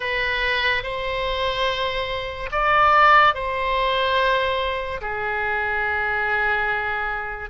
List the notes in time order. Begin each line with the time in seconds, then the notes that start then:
0.00 B4
0.83 C5
2.51 D5
3.34 C5
5.01 G#4